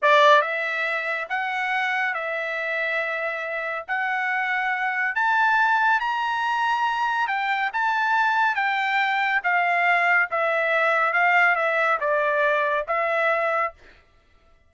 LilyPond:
\new Staff \with { instrumentName = "trumpet" } { \time 4/4 \tempo 4 = 140 d''4 e''2 fis''4~ | fis''4 e''2.~ | e''4 fis''2. | a''2 ais''2~ |
ais''4 g''4 a''2 | g''2 f''2 | e''2 f''4 e''4 | d''2 e''2 | }